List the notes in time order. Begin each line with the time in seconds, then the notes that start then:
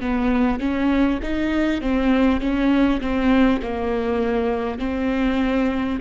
0.00 B3
0.59 C#4
1.22 D#4
1.81 C4
2.40 C#4
3.01 C4
3.62 A#3
4.78 C4